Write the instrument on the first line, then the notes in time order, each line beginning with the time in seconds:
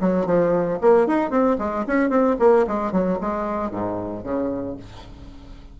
bassoon
0.00 F#3
0.26 F3
0.81 A#3
1.06 D#4
1.30 C4
1.58 G#3
1.87 C#4
2.09 C4
2.39 A#3
2.67 G#3
2.92 F#3
3.21 G#3
3.71 G#2
4.23 C#3